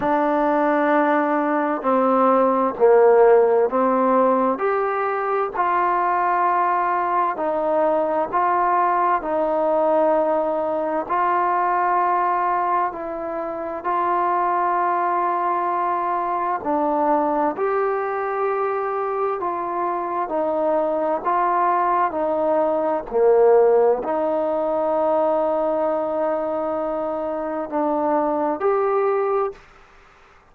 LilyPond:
\new Staff \with { instrumentName = "trombone" } { \time 4/4 \tempo 4 = 65 d'2 c'4 ais4 | c'4 g'4 f'2 | dis'4 f'4 dis'2 | f'2 e'4 f'4~ |
f'2 d'4 g'4~ | g'4 f'4 dis'4 f'4 | dis'4 ais4 dis'2~ | dis'2 d'4 g'4 | }